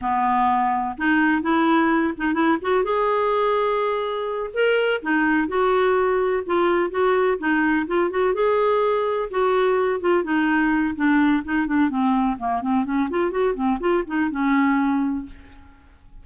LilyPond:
\new Staff \with { instrumentName = "clarinet" } { \time 4/4 \tempo 4 = 126 b2 dis'4 e'4~ | e'8 dis'8 e'8 fis'8 gis'2~ | gis'4. ais'4 dis'4 fis'8~ | fis'4. f'4 fis'4 dis'8~ |
dis'8 f'8 fis'8 gis'2 fis'8~ | fis'4 f'8 dis'4. d'4 | dis'8 d'8 c'4 ais8 c'8 cis'8 f'8 | fis'8 c'8 f'8 dis'8 cis'2 | }